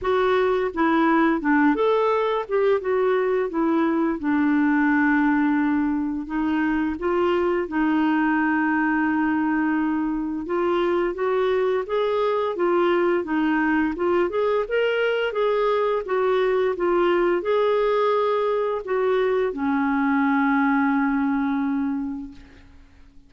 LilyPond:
\new Staff \with { instrumentName = "clarinet" } { \time 4/4 \tempo 4 = 86 fis'4 e'4 d'8 a'4 g'8 | fis'4 e'4 d'2~ | d'4 dis'4 f'4 dis'4~ | dis'2. f'4 |
fis'4 gis'4 f'4 dis'4 | f'8 gis'8 ais'4 gis'4 fis'4 | f'4 gis'2 fis'4 | cis'1 | }